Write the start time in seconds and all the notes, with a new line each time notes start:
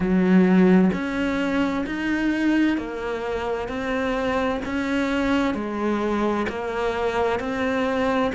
0.00 F#3
0.92 C#4
1.86 D#4
2.77 A#3
3.68 C4
4.64 C#4
5.54 G#3
6.49 A#3
7.39 C4